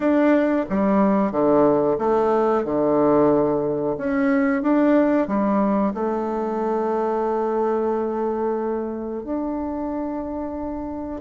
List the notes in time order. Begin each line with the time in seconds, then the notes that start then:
0.00 D4
0.69 G3
1.31 D3
1.98 A3
2.64 D3
3.97 C#4
4.62 D4
5.27 G3
5.93 A3
9.23 D4